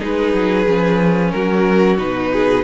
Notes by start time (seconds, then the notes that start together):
0.00 G#3 D#4 G#4 B4
0.34 F#3
0.67 F3 C#4
1.31 F#3 F#4 A#4
1.98 B2 D#4 B4
2.33 G#4